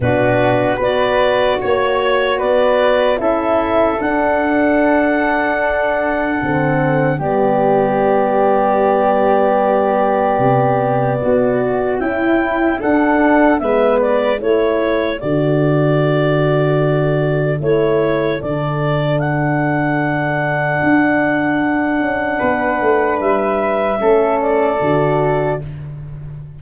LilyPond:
<<
  \new Staff \with { instrumentName = "clarinet" } { \time 4/4 \tempo 4 = 75 b'4 d''4 cis''4 d''4 | e''4 fis''2.~ | fis''4 d''2.~ | d''2. g''4 |
fis''4 e''8 d''8 cis''4 d''4~ | d''2 cis''4 d''4 | fis''1~ | fis''4 e''4. d''4. | }
  \new Staff \with { instrumentName = "flute" } { \time 4/4 fis'4 b'4 cis''4 b'4 | a'1~ | a'4 g'2.~ | g'2 fis'4 e'4 |
a'4 b'4 a'2~ | a'1~ | a'1 | b'2 a'2 | }
  \new Staff \with { instrumentName = "horn" } { \time 4/4 d'4 fis'2. | e'4 d'2. | c'4 b2.~ | b2. e'4 |
d'4 b4 e'4 fis'4~ | fis'2 e'4 d'4~ | d'1~ | d'2 cis'4 fis'4 | }
  \new Staff \with { instrumentName = "tuba" } { \time 4/4 b,4 b4 ais4 b4 | cis'4 d'2. | d4 g2.~ | g4 c4 b4 cis'4 |
d'4 gis4 a4 d4~ | d2 a4 d4~ | d2 d'4. cis'8 | b8 a8 g4 a4 d4 | }
>>